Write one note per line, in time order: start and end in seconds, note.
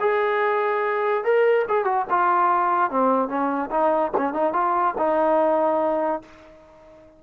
0.00 1.24 G#4
1.24 1.66 A#4
1.68 1.85 G#4
1.85 2.05 F#4
2.10 2.90 F4
2.90 3.28 C4
3.28 3.70 C#4
3.71 4.12 D#4
4.17 4.33 C#4
4.33 4.53 D#4
4.53 4.94 F4
4.98 6.22 D#4